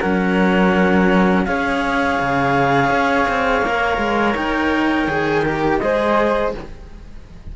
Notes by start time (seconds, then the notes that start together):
0.00 F#3 C#4 A#4 F#5
1.45 C#4 G#4 C#5 F5
2.20 C#3
2.91 C#4
3.29 C4
3.62 A#3 A#4
3.98 G#3
4.36 D#4 G5
5.08 D#3 G#4
5.44 G4 A#4
5.79 G#3 G#4 C5 D#5